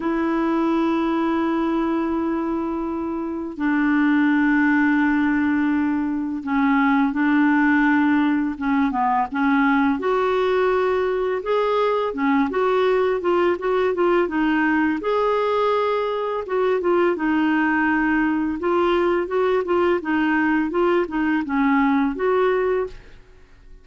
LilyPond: \new Staff \with { instrumentName = "clarinet" } { \time 4/4 \tempo 4 = 84 e'1~ | e'4 d'2.~ | d'4 cis'4 d'2 | cis'8 b8 cis'4 fis'2 |
gis'4 cis'8 fis'4 f'8 fis'8 f'8 | dis'4 gis'2 fis'8 f'8 | dis'2 f'4 fis'8 f'8 | dis'4 f'8 dis'8 cis'4 fis'4 | }